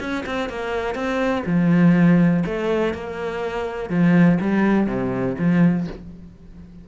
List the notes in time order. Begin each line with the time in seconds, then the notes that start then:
0.00 C#4
0.26 C4
0.49 A#3
0.95 C4
1.46 F3
2.45 A3
2.94 A#3
3.90 F3
4.41 G3
4.87 C3
5.39 F3